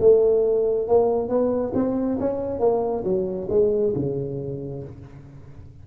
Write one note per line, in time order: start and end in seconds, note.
0.00 0.88 A3
0.88 1.29 A#3
1.29 1.73 B3
1.75 2.19 C4
2.20 2.60 C#4
2.60 3.04 A#3
3.04 3.48 F#3
3.50 3.94 G#3
3.96 4.84 C#3